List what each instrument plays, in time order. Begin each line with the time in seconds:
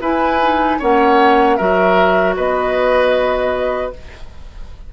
0.00 bassoon E4, clarinet E4, oboe B4, flute G#5
0.42 clarinet D#4
0.79 bassoon A#3, clarinet C#4, oboe C#5, flute F#5
1.56 bassoon F#3, clarinet F#4, oboe A#4, flute E5
2.37 bassoon B3, oboe B4, flute D#5